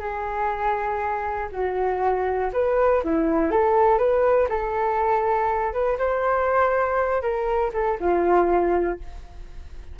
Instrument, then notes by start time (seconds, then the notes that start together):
flute
0.00 G#4
1.52 F#4
2.53 B4
3.04 E4
3.51 A4
3.98 B4
4.49 A4
5.73 B4
5.99 C5
7.22 A#4
7.74 A4
8.01 F4